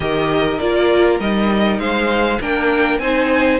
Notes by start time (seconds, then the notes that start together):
0.00 D#3 G4 A#4 D#5
0.58 A#3 F4 D5
1.19 G3 D#4 D#5
1.79 G#3 C5 F5
2.40 A#3 D4 A#4 G5
2.98 C4 D#4 C5 G#5